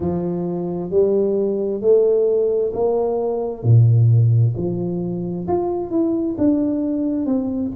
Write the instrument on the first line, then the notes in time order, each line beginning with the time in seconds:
tuba
0.00 F3
0.90 G3
1.81 A3
2.73 A#3
3.63 A#2
4.56 F3
5.48 F4
5.90 E4
6.38 D4
7.26 C4